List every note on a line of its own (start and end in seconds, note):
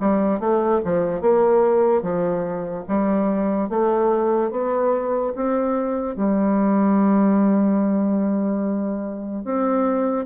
0.00 0.40 G3
0.40 0.81 A3
0.84 1.21 F3
1.21 2.02 A#3
2.02 2.84 F3
2.88 3.69 G3
3.69 4.51 A3
4.51 5.33 B3
5.35 6.15 C4
6.15 9.44 G3
9.44 10.26 C4